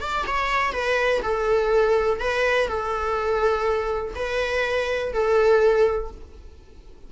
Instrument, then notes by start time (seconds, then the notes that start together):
viola
0.00 D5
0.27 C#5
0.73 B4
1.22 A4
2.20 B4
2.68 A4
4.15 B4
5.13 A4